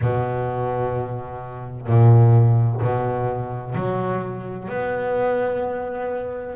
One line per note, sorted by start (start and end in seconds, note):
0.01 1.87 B2
1.87 2.80 A#2
2.81 3.75 B2
3.75 4.68 F#3
4.68 6.55 B3